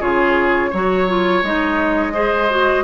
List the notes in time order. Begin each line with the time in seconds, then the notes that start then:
0.00 C#3 F4 G#4 C#5
0.71 F#3 F#4 C#5
1.08 F4
1.43 G#3 D#4 D#5
2.13 G#4 C5
2.51 F#4